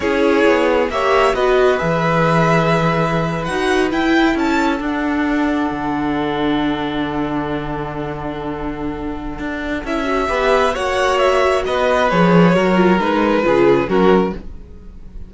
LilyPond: <<
  \new Staff \with { instrumentName = "violin" } { \time 4/4 \tempo 4 = 134 cis''2 e''4 dis''4 | e''2.~ e''8. fis''16~ | fis''8. g''4 a''4 fis''4~ fis''16~ | fis''1~ |
fis''1~ | fis''2 e''2 | fis''4 e''4 dis''4 cis''4~ | cis''4 b'2 ais'4 | }
  \new Staff \with { instrumentName = "violin" } { \time 4/4 gis'2 cis''4 b'4~ | b'1~ | b'4.~ b'16 a'2~ a'16~ | a'1~ |
a'1~ | a'2. b'4 | cis''2 b'2 | ais'2 gis'4 fis'4 | }
  \new Staff \with { instrumentName = "viola" } { \time 4/4 e'2 g'4 fis'4 | gis'2.~ gis'8. fis'16~ | fis'8. e'2 d'4~ d'16~ | d'1~ |
d'1~ | d'2 e'8 fis'8 g'4 | fis'2. gis'4 | fis'8 f'8 dis'4 f'4 cis'4 | }
  \new Staff \with { instrumentName = "cello" } { \time 4/4 cis'4 b4 ais4 b4 | e2.~ e8. dis'16~ | dis'8. e'4 cis'4 d'4~ d'16~ | d'8. d2.~ d16~ |
d1~ | d4 d'4 cis'4 b4 | ais2 b4 f4 | fis4 gis4 cis4 fis4 | }
>>